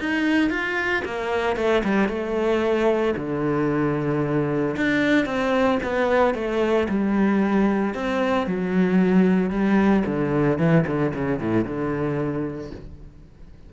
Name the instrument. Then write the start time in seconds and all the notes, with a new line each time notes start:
cello
0.00 D#4
0.50 F4
1.05 A#3
1.57 A3
1.84 G3
2.09 A3
3.17 D3
4.77 D4
5.26 C4
5.83 B3
6.35 A3
6.89 G3
7.95 C4
8.47 F#3
9.50 G3
10.06 D3
10.59 E3
10.87 D3
11.14 C#3
11.39 A2
11.65 D3